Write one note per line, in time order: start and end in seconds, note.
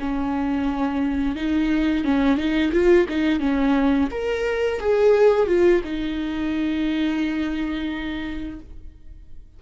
0.00 1.36 C#4
1.36 2.04 D#4
2.04 2.37 C#4
2.37 2.72 D#4
2.73 3.07 F4
3.09 3.40 D#4
3.40 4.09 C#4
4.12 4.80 A#4
4.80 5.47 G#4
5.47 5.82 F4
5.84 8.60 D#4